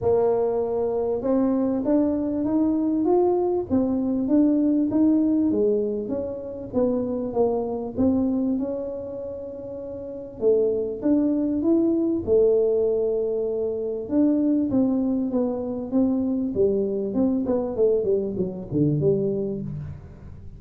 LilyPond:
\new Staff \with { instrumentName = "tuba" } { \time 4/4 \tempo 4 = 98 ais2 c'4 d'4 | dis'4 f'4 c'4 d'4 | dis'4 gis4 cis'4 b4 | ais4 c'4 cis'2~ |
cis'4 a4 d'4 e'4 | a2. d'4 | c'4 b4 c'4 g4 | c'8 b8 a8 g8 fis8 d8 g4 | }